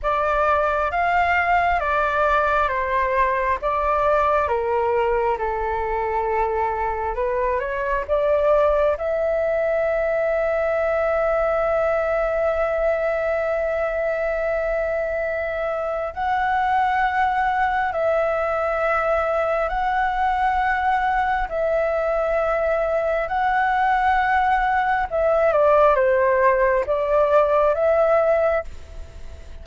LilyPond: \new Staff \with { instrumentName = "flute" } { \time 4/4 \tempo 4 = 67 d''4 f''4 d''4 c''4 | d''4 ais'4 a'2 | b'8 cis''8 d''4 e''2~ | e''1~ |
e''2 fis''2 | e''2 fis''2 | e''2 fis''2 | e''8 d''8 c''4 d''4 e''4 | }